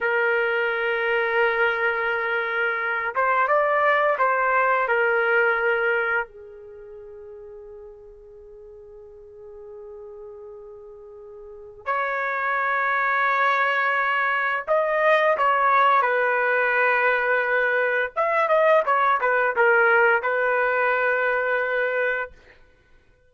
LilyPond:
\new Staff \with { instrumentName = "trumpet" } { \time 4/4 \tempo 4 = 86 ais'1~ | ais'8 c''8 d''4 c''4 ais'4~ | ais'4 gis'2.~ | gis'1~ |
gis'4 cis''2.~ | cis''4 dis''4 cis''4 b'4~ | b'2 e''8 dis''8 cis''8 b'8 | ais'4 b'2. | }